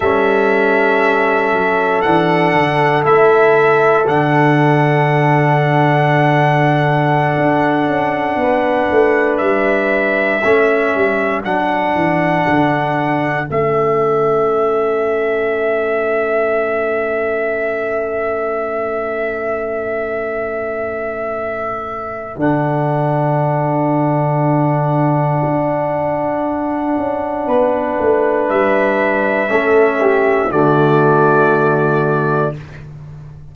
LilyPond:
<<
  \new Staff \with { instrumentName = "trumpet" } { \time 4/4 \tempo 4 = 59 e''2 fis''4 e''4 | fis''1~ | fis''4~ fis''16 e''2 fis''8.~ | fis''4~ fis''16 e''2~ e''8.~ |
e''1~ | e''2 fis''2~ | fis''1 | e''2 d''2 | }
  \new Staff \with { instrumentName = "horn" } { \time 4/4 a'1~ | a'1~ | a'16 b'2 a'4.~ a'16~ | a'1~ |
a'1~ | a'1~ | a'2. b'4~ | b'4 a'8 g'8 fis'2 | }
  \new Staff \with { instrumentName = "trombone" } { \time 4/4 cis'2 d'4 e'4 | d'1~ | d'2~ d'16 cis'4 d'8.~ | d'4~ d'16 cis'2~ cis'8.~ |
cis'1~ | cis'2 d'2~ | d'1~ | d'4 cis'4 a2 | }
  \new Staff \with { instrumentName = "tuba" } { \time 4/4 g4. fis8 e8 d8 a4 | d2.~ d16 d'8 cis'16~ | cis'16 b8 a8 g4 a8 g8 fis8 e16~ | e16 d4 a2~ a8.~ |
a1~ | a2 d2~ | d4 d'4. cis'8 b8 a8 | g4 a4 d2 | }
>>